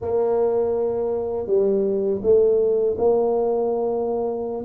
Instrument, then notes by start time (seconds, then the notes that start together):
tuba
0.01 A#3
1.46 G3
2.22 A3
2.98 A#3